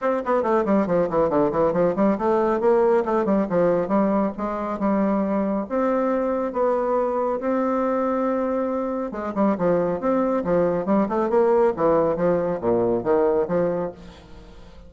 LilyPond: \new Staff \with { instrumentName = "bassoon" } { \time 4/4 \tempo 4 = 138 c'8 b8 a8 g8 f8 e8 d8 e8 | f8 g8 a4 ais4 a8 g8 | f4 g4 gis4 g4~ | g4 c'2 b4~ |
b4 c'2.~ | c'4 gis8 g8 f4 c'4 | f4 g8 a8 ais4 e4 | f4 ais,4 dis4 f4 | }